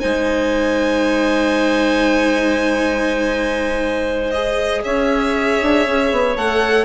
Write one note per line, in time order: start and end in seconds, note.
0.00 4.84 G#3
0.00 4.33 D#4
0.00 4.83 C5
0.00 4.31 G#5
4.31 6.37 G#4
4.31 4.82 D#5
4.84 5.61 C#4
4.84 6.86 C#5
4.84 6.37 E5
5.62 5.87 D4
5.87 6.12 C#4
6.12 6.36 B3
6.36 6.86 A3
6.36 6.86 A4
6.36 6.86 F#5